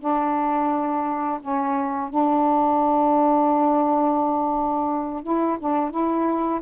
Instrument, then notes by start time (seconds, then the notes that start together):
saxophone
0.00 D4
1.41 C#4
2.09 D4
5.23 E4
5.60 D4
5.90 E4